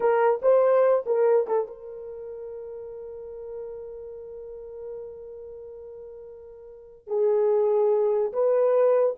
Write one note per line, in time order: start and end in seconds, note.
0.00 0.40 A#4
0.42 1.04 C5
1.06 1.47 A#4
1.47 1.67 A4
1.67 7.07 A#4
7.07 8.32 G#4
8.32 9.16 B4